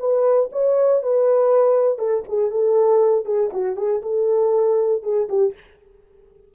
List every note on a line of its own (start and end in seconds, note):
0.00 0.50 B4
0.52 1.03 C#5
1.03 1.99 B4
1.99 2.24 A4
2.29 2.51 G#4
2.51 3.26 A4
3.26 3.51 G#4
3.53 3.77 F#4
3.77 4.02 G#4
4.02 5.03 A4
5.03 5.28 G#4
5.29 5.54 G4